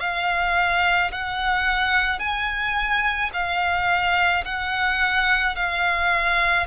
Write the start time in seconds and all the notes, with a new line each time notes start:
0.00 F5
1.12 F#5
2.19 G#5
3.33 F5
4.44 F#5
5.56 F5